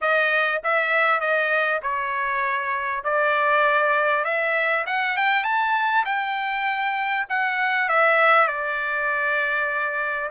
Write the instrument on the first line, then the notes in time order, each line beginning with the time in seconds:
trumpet
0.01 D#5
0.63 E5
1.20 D#5
1.82 C#5
3.04 D5
4.24 E5
4.86 F#5
5.17 G5
5.44 A5
6.05 G5
7.29 F#5
7.88 E5
8.47 D5